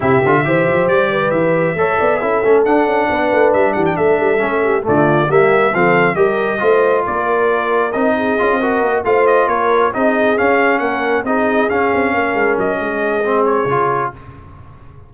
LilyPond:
<<
  \new Staff \with { instrumentName = "trumpet" } { \time 4/4 \tempo 4 = 136 e''2 d''4 e''4~ | e''2 fis''2 | e''8 fis''16 g''16 e''2 d''4 | e''4 f''4 dis''2 |
d''2 dis''2~ | dis''8 f''8 dis''8 cis''4 dis''4 f''8~ | f''8 fis''4 dis''4 f''4.~ | f''8 dis''2 cis''4. | }
  \new Staff \with { instrumentName = "horn" } { \time 4/4 g'4 c''4. b'4. | cis''8 d''8 a'2 b'4~ | b'8 g'8 a'4. g'8 f'4 | g'4 a'4 ais'4 c''4 |
ais'2~ ais'8 gis'4 ais'8~ | ais'8 c''4 ais'4 gis'4.~ | gis'8 ais'4 gis'2 ais'8~ | ais'4 gis'2. | }
  \new Staff \with { instrumentName = "trombone" } { \time 4/4 e'8 f'8 g'2. | a'4 e'8 cis'8 d'2~ | d'2 cis'4 a4 | ais4 c'4 g'4 f'4~ |
f'2 dis'4 f'8 fis'8~ | fis'8 f'2 dis'4 cis'8~ | cis'4. dis'4 cis'4.~ | cis'2 c'4 f'4 | }
  \new Staff \with { instrumentName = "tuba" } { \time 4/4 c8 d8 e8 f8 g4 e4 | a8 b8 cis'8 a8 d'8 cis'8 b8 a8 | g8 e8 a8 g8 a4 d4 | g4 f4 g4 a4 |
ais2 c'4 cis'16 c'8. | ais8 a4 ais4 c'4 cis'8~ | cis'8 ais4 c'4 cis'8 c'8 ais8 | gis8 fis8 gis2 cis4 | }
>>